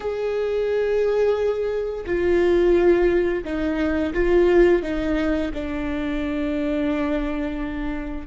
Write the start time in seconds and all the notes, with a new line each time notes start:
0.00 G#4
2.06 F4
3.44 D#4
4.13 F4
4.82 D#4
5.53 D4